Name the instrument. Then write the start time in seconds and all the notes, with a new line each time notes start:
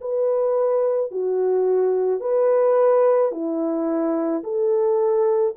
horn
0.00 B4
1.11 F#4
2.20 B4
3.31 E4
4.43 A4